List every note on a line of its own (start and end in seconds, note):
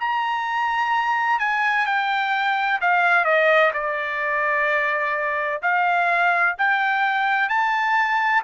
0.00 1.40 A#5
1.40 1.87 G#5
1.87 2.80 G5
2.81 3.25 F5
3.25 3.72 D#5
3.74 5.61 D5
5.62 6.56 F5
6.58 7.49 G5
7.49 8.43 A5